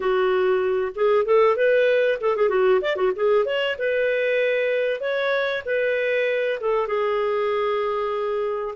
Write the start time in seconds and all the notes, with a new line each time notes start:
0.00 F#4
0.95 G#4
1.25 A4
1.56 B4
2.20 A4
2.36 G#4
2.49 F#4
2.81 D5
2.95 F#4
3.15 G#4
3.45 C#5
3.78 B4
5.00 C#5
5.65 B4
6.60 A4
6.87 G#4